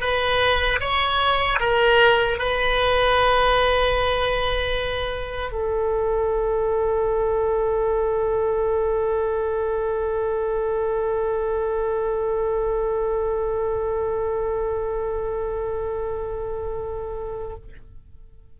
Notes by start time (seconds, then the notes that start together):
0.00 B4
0.80 C#5
1.59 A#4
2.38 B4
5.52 A4